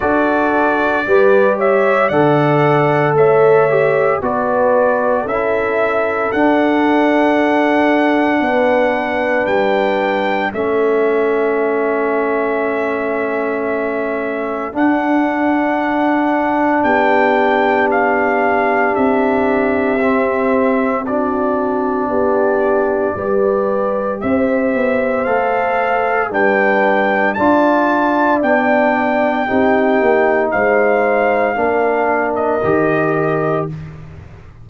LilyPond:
<<
  \new Staff \with { instrumentName = "trumpet" } { \time 4/4 \tempo 4 = 57 d''4. e''8 fis''4 e''4 | d''4 e''4 fis''2~ | fis''4 g''4 e''2~ | e''2 fis''2 |
g''4 f''4 e''2 | d''2. e''4 | f''4 g''4 a''4 g''4~ | g''4 f''4.~ f''16 dis''4~ dis''16 | }
  \new Staff \with { instrumentName = "horn" } { \time 4/4 a'4 b'8 cis''8 d''4 cis''4 | b'4 a'2. | b'2 a'2~ | a'1 |
g'1 | fis'4 g'4 b'4 c''4~ | c''4 b'4 d''2 | g'4 c''4 ais'2 | }
  \new Staff \with { instrumentName = "trombone" } { \time 4/4 fis'4 g'4 a'4. g'8 | fis'4 e'4 d'2~ | d'2 cis'2~ | cis'2 d'2~ |
d'2. c'4 | d'2 g'2 | a'4 d'4 f'4 d'4 | dis'2 d'4 g'4 | }
  \new Staff \with { instrumentName = "tuba" } { \time 4/4 d'4 g4 d4 a4 | b4 cis'4 d'2 | b4 g4 a2~ | a2 d'2 |
b2 c'2~ | c'4 b4 g4 c'8 b8 | a4 g4 d'4 b4 | c'8 ais8 gis4 ais4 dis4 | }
>>